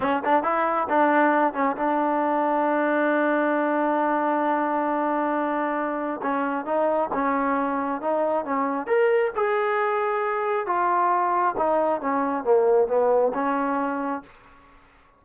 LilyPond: \new Staff \with { instrumentName = "trombone" } { \time 4/4 \tempo 4 = 135 cis'8 d'8 e'4 d'4. cis'8 | d'1~ | d'1~ | d'2 cis'4 dis'4 |
cis'2 dis'4 cis'4 | ais'4 gis'2. | f'2 dis'4 cis'4 | ais4 b4 cis'2 | }